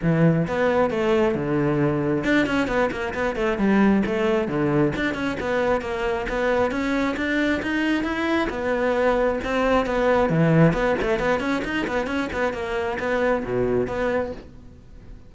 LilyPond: \new Staff \with { instrumentName = "cello" } { \time 4/4 \tempo 4 = 134 e4 b4 a4 d4~ | d4 d'8 cis'8 b8 ais8 b8 a8 | g4 a4 d4 d'8 cis'8 | b4 ais4 b4 cis'4 |
d'4 dis'4 e'4 b4~ | b4 c'4 b4 e4 | b8 a8 b8 cis'8 dis'8 b8 cis'8 b8 | ais4 b4 b,4 b4 | }